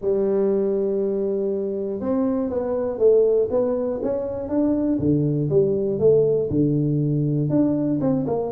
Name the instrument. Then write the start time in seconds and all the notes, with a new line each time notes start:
tuba
0.01 G3
2.00 C4
2.49 B3
2.98 A3
3.50 B3
4.02 C#4
4.48 D4
4.99 D3
5.49 G3
5.99 A3
6.50 D3
7.49 D4
8.00 C4
8.27 A#3